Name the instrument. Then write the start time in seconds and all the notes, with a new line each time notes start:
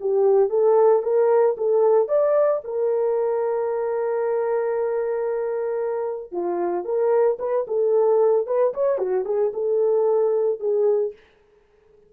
horn
0.00 G4
0.49 A4
1.02 A#4
1.57 A4
2.08 D5
2.64 A#4
6.32 F4
6.84 A#4
7.39 B4
7.67 A4
8.46 B4
8.73 C#5
8.98 F#4
9.25 G#4
9.53 A4
10.60 G#4